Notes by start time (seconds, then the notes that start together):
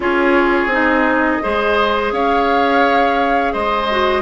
0.00 C#4 F4 G#4 C#5
0.66 C4 D#4
0.72 D#5
1.41 G#3 G#4 C5
2.12 C#4 C#5 F5
3.52 G#3 C5 D#5
3.90 F#4